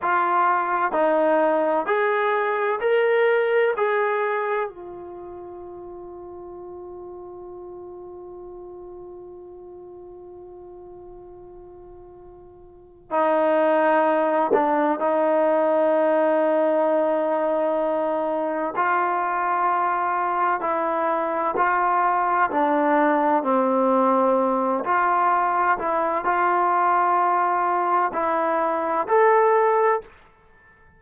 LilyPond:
\new Staff \with { instrumentName = "trombone" } { \time 4/4 \tempo 4 = 64 f'4 dis'4 gis'4 ais'4 | gis'4 f'2.~ | f'1~ | f'2 dis'4. d'8 |
dis'1 | f'2 e'4 f'4 | d'4 c'4. f'4 e'8 | f'2 e'4 a'4 | }